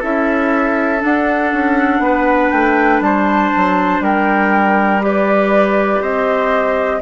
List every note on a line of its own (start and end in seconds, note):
0.00 1.03 C#4
0.00 0.99 E4
0.00 2.00 A4
0.00 1.03 E5
0.99 4.99 D4
0.99 1.53 D4
0.99 2.51 F#5
1.53 1.99 C#4
1.99 2.49 B3
1.99 3.04 B4
2.51 3.01 A3
2.51 3.01 G5
3.01 3.51 G3
3.01 4.04 C5
3.01 4.03 A5
3.56 4.00 F#3
4.00 6.00 G3
4.00 5.04 A#4
4.00 5.03 G5
5.01 7.01 G4
5.01 6.02 B4
5.01 6.02 D5
6.01 7.01 C4
6.01 7.01 C5
6.01 7.01 D#5